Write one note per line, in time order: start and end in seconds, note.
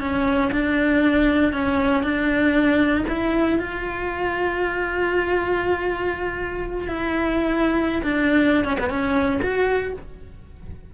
0.00 0.51 C#4
0.52 1.53 D4
1.53 2.03 C#4
2.03 3.05 D4
3.08 3.59 E4
3.59 6.88 F4
6.88 8.02 E4
8.03 8.65 D4
8.65 8.77 C#4
8.80 8.89 B3
8.89 9.40 C#4
9.42 9.93 F#4